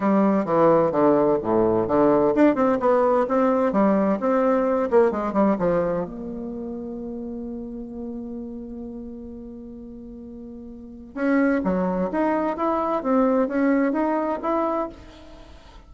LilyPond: \new Staff \with { instrumentName = "bassoon" } { \time 4/4 \tempo 4 = 129 g4 e4 d4 a,4 | d4 d'8 c'8 b4 c'4 | g4 c'4. ais8 gis8 g8 | f4 ais2.~ |
ais1~ | ais1 | cis'4 fis4 dis'4 e'4 | c'4 cis'4 dis'4 e'4 | }